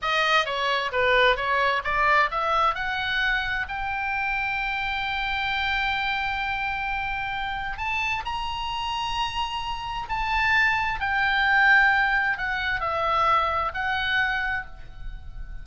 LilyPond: \new Staff \with { instrumentName = "oboe" } { \time 4/4 \tempo 4 = 131 dis''4 cis''4 b'4 cis''4 | d''4 e''4 fis''2 | g''1~ | g''1~ |
g''4 a''4 ais''2~ | ais''2 a''2 | g''2. fis''4 | e''2 fis''2 | }